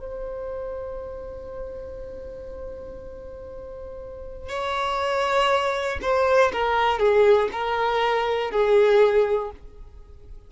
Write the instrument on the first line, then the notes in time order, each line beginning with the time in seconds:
violin
0.00 C5
4.50 C#5
6.02 C5
6.53 A#4
6.99 G#4
7.53 A#4
8.52 G#4